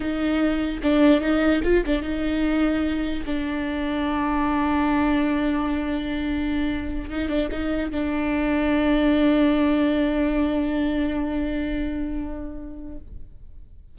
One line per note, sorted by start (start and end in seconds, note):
0.00 0.80 D#4
0.82 1.21 D4
1.21 1.61 D#4
1.63 1.84 F4
1.86 2.02 D4
2.02 3.23 D#4
3.26 7.10 D4
7.10 7.28 D#4
7.28 7.49 D4
7.51 7.91 D#4
7.91 12.98 D4